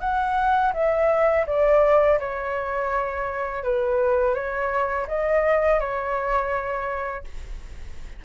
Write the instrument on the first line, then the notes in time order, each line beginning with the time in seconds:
flute
0.00 F#5
0.74 E5
1.47 D5
2.19 C#5
3.63 B4
4.34 C#5
5.07 D#5
5.80 C#5